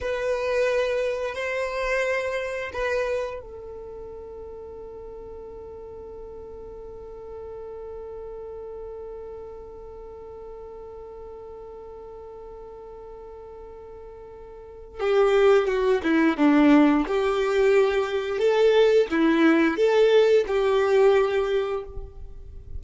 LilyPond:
\new Staff \with { instrumentName = "violin" } { \time 4/4 \tempo 4 = 88 b'2 c''2 | b'4 a'2.~ | a'1~ | a'1~ |
a'1~ | a'2 g'4 fis'8 e'8 | d'4 g'2 a'4 | e'4 a'4 g'2 | }